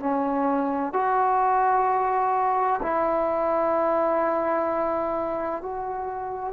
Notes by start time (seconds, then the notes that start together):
0.00 C#4
0.93 F#4
2.83 E4
5.62 F#4